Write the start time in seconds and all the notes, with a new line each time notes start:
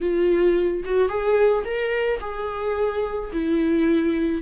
0.01 F4
0.84 F#4
1.09 G#4
1.64 A#4
2.20 G#4
3.32 E4